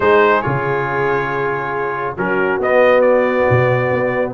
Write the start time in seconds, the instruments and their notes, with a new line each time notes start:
0.00 tuba G#3, trombone D#4, horn G#4, trumpet C5
0.42 tuba C#3, trombone F4, trumpet C#5
2.16 tuba F#3, trombone C#4, horn F#4, trumpet A#4
2.58 tuba B3, trombone B3, trumpet D#5
3.01 trumpet D5
3.50 tuba B2
3.90 tuba B3